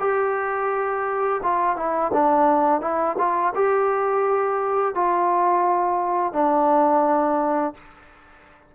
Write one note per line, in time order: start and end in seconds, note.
0.00 1.41 G4
1.43 1.76 F4
1.76 2.12 E4
2.13 2.81 D4
2.81 3.17 E4
3.19 3.54 F4
3.55 4.95 G4
4.95 6.33 F4
6.33 7.75 D4